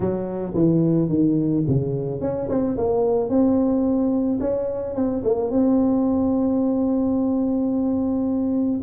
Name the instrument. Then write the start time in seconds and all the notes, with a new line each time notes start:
tuba
0.00 F#3
0.54 E3
1.08 D#3
1.67 C#3
2.20 C#4
2.49 C4
2.77 A#3
3.29 C4
4.40 C#4
4.95 C4
5.24 A#3
5.50 C4